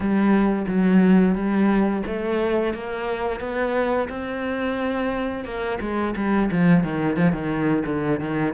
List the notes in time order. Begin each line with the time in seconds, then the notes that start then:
0.00 G3
0.67 F#3
1.35 G3
2.06 A3
2.73 A#3
3.40 B3
4.09 C4
5.44 A#3
5.80 G#3
6.15 G3
6.51 F3
6.83 D#3
7.16 F3
7.32 D#3
7.85 D3
8.19 D#3